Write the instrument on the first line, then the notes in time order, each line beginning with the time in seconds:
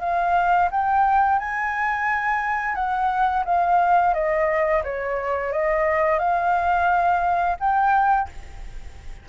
flute
0.00 F5
0.71 G5
1.39 G#5
2.75 F#5
3.45 F5
4.13 D#5
4.84 C#5
5.52 D#5
6.19 F5
7.60 G5